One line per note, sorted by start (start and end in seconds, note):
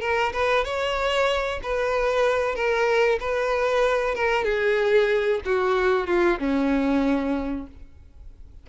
0.00 0.32 A#4
0.32 0.64 B4
0.64 1.60 C#5
1.62 2.55 B4
2.55 3.19 A#4
3.20 4.14 B4
4.14 4.44 A#4
4.44 5.40 G#4
5.45 6.06 F#4
6.06 6.38 F4
6.39 7.67 C#4